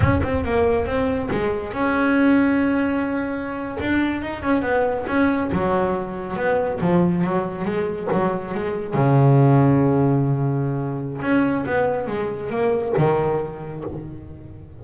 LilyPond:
\new Staff \with { instrumentName = "double bass" } { \time 4/4 \tempo 4 = 139 cis'8 c'8 ais4 c'4 gis4 | cis'1~ | cis'8. d'4 dis'8 cis'8 b4 cis'16~ | cis'8. fis2 b4 f16~ |
f8. fis4 gis4 fis4 gis16~ | gis8. cis2.~ cis16~ | cis2 cis'4 b4 | gis4 ais4 dis2 | }